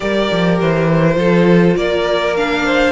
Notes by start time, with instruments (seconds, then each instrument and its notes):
0.00 cello G3, viola G4, violin A#4 D5
0.31 cello F3
0.60 cello E3, violin C5
1.15 cello F3, viola F4, violin A4
1.76 cello A#3, violin A#4 D5
2.36 viola D4, violin F5
2.65 violin C5